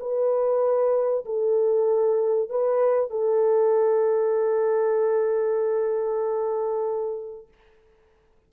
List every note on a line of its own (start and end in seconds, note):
0.00 1.25 B4
1.25 2.50 A4
2.50 3.11 B4
3.11 7.48 A4